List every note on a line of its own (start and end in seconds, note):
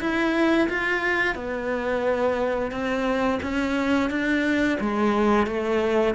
0.00 0.68 E4
0.69 1.35 F4
1.35 2.71 B3
2.71 3.39 C4
3.42 4.10 C#4
4.10 4.78 D4
4.80 5.46 G#3
5.46 6.15 A3